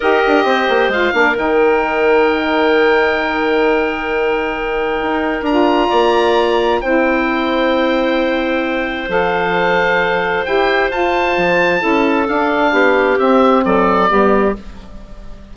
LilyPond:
<<
  \new Staff \with { instrumentName = "oboe" } { \time 4/4 \tempo 4 = 132 dis''2 f''4 g''4~ | g''1~ | g''1 | ais''2. g''4~ |
g''1 | f''2. g''4 | a''2. f''4~ | f''4 e''4 d''2 | }
  \new Staff \with { instrumentName = "clarinet" } { \time 4/4 ais'4 c''4. ais'4.~ | ais'1~ | ais'1~ | ais'4 d''2 c''4~ |
c''1~ | c''1~ | c''2 a'2 | g'2 a'4 g'4 | }
  \new Staff \with { instrumentName = "saxophone" } { \time 4/4 g'2 f'8 d'8 dis'4~ | dis'1~ | dis'1 | f'2. e'4~ |
e'1 | a'2. g'4 | f'2 e'4 d'4~ | d'4 c'2 b4 | }
  \new Staff \with { instrumentName = "bassoon" } { \time 4/4 dis'8 d'8 c'8 ais8 gis8 ais8 dis4~ | dis1~ | dis2. dis'4 | d'4 ais2 c'4~ |
c'1 | f2. e'4 | f'4 f4 cis'4 d'4 | b4 c'4 fis4 g4 | }
>>